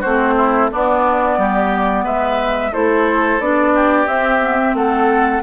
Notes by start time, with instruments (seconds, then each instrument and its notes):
0.00 bassoon A3, clarinet C4, oboe F#4, flute C5
0.36 oboe E4
0.71 clarinet B3, bassoon B3, oboe D4, flute D5
1.38 bassoon G3, oboe G4
2.04 bassoon G#3, oboe B4, flute E5
2.72 bassoon A3, clarinet E4, oboe A4, flute C5
3.39 bassoon B3, clarinet D4, flute D5
3.75 oboe G4
4.07 clarinet C4, bassoon C4, flute E5
4.41 clarinet B3
4.58 clarinet C4
4.74 bassoon A3, oboe A4, flute F#5